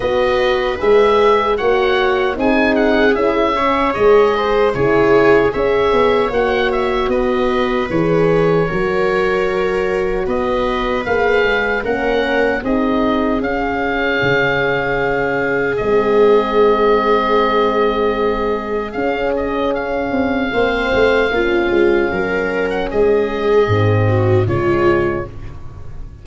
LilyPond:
<<
  \new Staff \with { instrumentName = "oboe" } { \time 4/4 \tempo 4 = 76 dis''4 e''4 fis''4 gis''8 fis''8 | e''4 dis''4 cis''4 e''4 | fis''8 e''8 dis''4 cis''2~ | cis''4 dis''4 f''4 fis''4 |
dis''4 f''2. | dis''1 | f''8 dis''8 f''2.~ | f''8. fis''16 dis''2 cis''4 | }
  \new Staff \with { instrumentName = "viola" } { \time 4/4 b'2 cis''4 gis'4~ | gis'8 cis''4 c''8 gis'4 cis''4~ | cis''4 b'2 ais'4~ | ais'4 b'2 ais'4 |
gis'1~ | gis'1~ | gis'2 c''4 f'4 | ais'4 gis'4. fis'8 f'4 | }
  \new Staff \with { instrumentName = "horn" } { \time 4/4 fis'4 gis'4 fis'4 dis'4 | e'8 cis'8 gis'4 e'4 gis'4 | fis'2 gis'4 fis'4~ | fis'2 gis'4 cis'4 |
dis'4 cis'2. | c'1 | cis'2 c'4 cis'4~ | cis'2 c'4 gis4 | }
  \new Staff \with { instrumentName = "tuba" } { \time 4/4 b4 gis4 ais4 c'4 | cis'4 gis4 cis4 cis'8 b8 | ais4 b4 e4 fis4~ | fis4 b4 ais8 gis8 ais4 |
c'4 cis'4 cis2 | gis1 | cis'4. c'8 ais8 a8 ais8 gis8 | fis4 gis4 gis,4 cis4 | }
>>